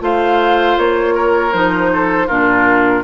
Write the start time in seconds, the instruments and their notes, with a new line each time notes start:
0.00 bassoon A3, clarinet F4, oboe C5, flute F5
0.78 bassoon A#3, flute C#5
1.14 oboe A#4
1.53 bassoon F3, clarinet D#4, flute C5
1.93 oboe A4
2.27 bassoon A#2, clarinet D4, oboe F4, flute A#4